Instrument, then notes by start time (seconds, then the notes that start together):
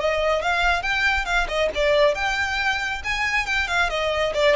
violin
0.00 D#5
0.42 F5
0.83 G5
1.26 F5
1.48 D#5
1.75 D5
2.15 G5
3.04 G#5
3.46 G5
3.68 F5
3.90 D#5
4.34 D5